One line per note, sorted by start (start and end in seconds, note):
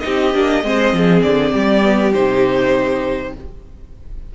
0.00 0.35 C4
0.00 0.33 D#4
0.00 0.65 G4
0.00 1.20 D#5
0.34 0.64 A#3
0.34 0.64 D4
0.64 0.93 G#3
0.64 1.83 C4
0.64 0.97 C5
0.93 1.23 F3
0.93 1.53 G#4
1.23 1.54 D3
1.23 2.13 D5
1.53 2.15 G3
1.53 3.33 G4
1.83 2.13 B3
2.14 3.35 C3
2.14 3.34 D#4
2.14 3.34 C5